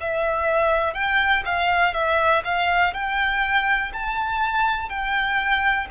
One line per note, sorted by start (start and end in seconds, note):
0.00 0.94 E5
0.94 1.43 G5
1.45 1.94 F5
1.94 2.43 E5
2.44 2.93 F5
2.93 3.92 G5
3.93 4.89 A5
4.89 5.87 G5